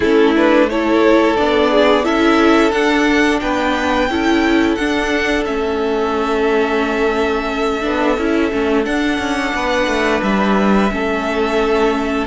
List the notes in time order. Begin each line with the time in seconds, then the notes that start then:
0.00 A3 C#4 E4 A4
0.35 D4 B4
0.69 E4 A4 C#5
1.36 B3 D4 D5
1.71 G#4
2.03 C#4 E4 A4 E5
2.71 D4 F#5
3.40 B3 B4 G5
4.08 C#4 E4 A4
4.75 D4 F#5
5.45 A3 C#4 E5
7.81 B3 D4
8.17 C#4 E4
8.51 A3 C#4
8.83 D4 F#5
9.18 C#4
9.54 B3 B4
9.87 A3
10.22 G3 E5
10.91 A3 C#4 A4